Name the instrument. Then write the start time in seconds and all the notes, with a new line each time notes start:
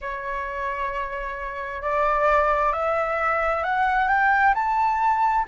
flute
0.01 C#5
1.82 D5
2.73 E5
3.63 F#5
4.08 G5
4.54 A5